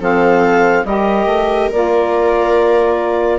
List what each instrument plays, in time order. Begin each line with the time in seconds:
0.00 bassoon F3, saxophone C4, viola A4, clarinet F5
0.85 bassoon G3, saxophone G4, viola A#4, clarinet D#5
1.26 bassoon A3
1.72 bassoon A#3, saxophone F4, clarinet D5